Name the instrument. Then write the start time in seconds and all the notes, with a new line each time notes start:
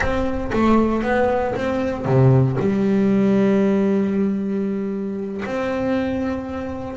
double bass
0.00 C4
0.52 A3
1.03 B3
1.55 C4
2.05 C3
2.59 G3
5.45 C4